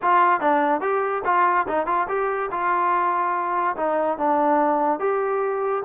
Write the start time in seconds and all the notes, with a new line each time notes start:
0.02 F4
0.40 D4
0.80 G4
1.24 F4
1.68 D#4
1.86 F4
2.08 G4
2.51 F4
3.76 D#4
4.18 D4
4.99 G4